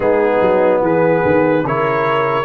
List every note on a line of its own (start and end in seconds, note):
0.00 0.38 G#3
0.00 1.64 B3
0.00 0.81 D#4
0.00 0.82 G#4
0.41 0.81 F#3
0.81 1.22 E3
0.81 1.64 G#4
0.81 1.66 B4
1.24 1.64 D#3
1.64 2.44 C#3
1.64 2.44 E4
1.64 2.44 A#4
1.64 2.44 C#5